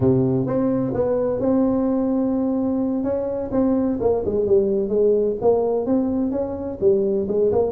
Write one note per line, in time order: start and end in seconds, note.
0.00 0.46 C3
0.46 0.93 C4
0.94 1.39 B3
1.39 3.03 C4
3.03 3.50 C#4
3.51 3.98 C4
4.00 4.23 A#3
4.25 4.46 G#3
4.46 4.88 G3
4.88 5.35 G#3
5.41 5.86 A#3
5.86 6.31 C4
6.31 6.78 C#4
6.80 7.27 G3
7.28 7.51 G#3
7.51 7.71 A#3